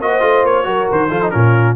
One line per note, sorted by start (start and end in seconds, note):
0.00 0.21 A#3
0.00 0.20 F#4
0.00 0.66 C5
0.00 0.45 D#5
0.20 0.43 A3
0.20 0.63 F4
0.43 0.65 A#3
0.43 0.90 C#5
0.63 0.87 F#3
0.63 1.08 F#4
0.63 1.09 A#4
0.90 1.10 D#3
0.90 1.30 C5
1.09 1.32 F3
1.09 1.21 F4
1.09 1.31 A4
1.21 1.31 D#4
1.30 1.76 A#2
1.30 1.76 C#4
1.30 1.76 F4
1.30 1.74 A#4